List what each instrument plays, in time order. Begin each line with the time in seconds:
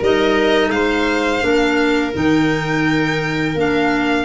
0.00 tuba G3, clarinet D#4, viola A#4, violin D#5
0.70 tuba G#3, viola C5, violin F5
1.41 tuba A#3, clarinet D4, viola A#4
2.13 tuba D#3, clarinet D#4, violin G5
3.55 tuba A#3, clarinet D4, violin F5